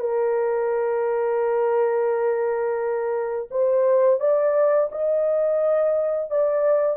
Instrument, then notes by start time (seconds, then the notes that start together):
horn
0.00 A#4
3.51 C5
4.21 D5
4.92 D#5
6.31 D5